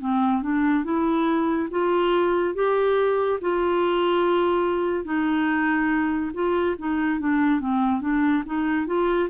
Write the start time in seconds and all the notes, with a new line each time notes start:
0.00 C4
0.42 D4
0.84 E4
1.71 F4
2.54 G4
3.40 F4
5.04 D#4
6.33 F4
6.78 D#4
7.19 D4
7.60 C4
8.01 D4
8.45 D#4
8.87 F4